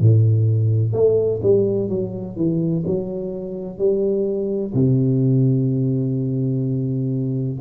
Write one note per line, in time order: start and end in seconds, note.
0.00 0.93 A2
0.93 1.40 A3
1.42 1.89 G3
1.89 2.36 F#3
2.36 2.84 E3
2.86 3.78 F#3
3.78 4.73 G3
4.74 7.59 C3